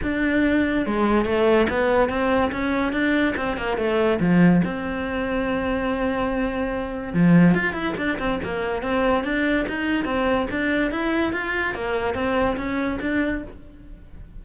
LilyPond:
\new Staff \with { instrumentName = "cello" } { \time 4/4 \tempo 4 = 143 d'2 gis4 a4 | b4 c'4 cis'4 d'4 | c'8 ais8 a4 f4 c'4~ | c'1~ |
c'4 f4 f'8 e'8 d'8 c'8 | ais4 c'4 d'4 dis'4 | c'4 d'4 e'4 f'4 | ais4 c'4 cis'4 d'4 | }